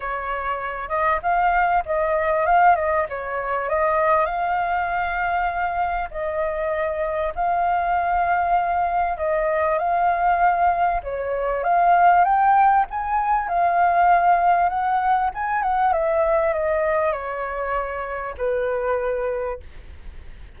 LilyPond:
\new Staff \with { instrumentName = "flute" } { \time 4/4 \tempo 4 = 98 cis''4. dis''8 f''4 dis''4 | f''8 dis''8 cis''4 dis''4 f''4~ | f''2 dis''2 | f''2. dis''4 |
f''2 cis''4 f''4 | g''4 gis''4 f''2 | fis''4 gis''8 fis''8 e''4 dis''4 | cis''2 b'2 | }